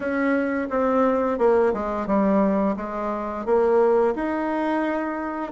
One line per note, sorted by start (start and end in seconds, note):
0.00 0.68 C#4
0.70 1.38 C4
1.38 1.72 A#3
1.73 2.06 G#3
2.06 2.75 G3
2.76 3.45 G#3
3.45 4.14 A#3
4.15 5.51 D#4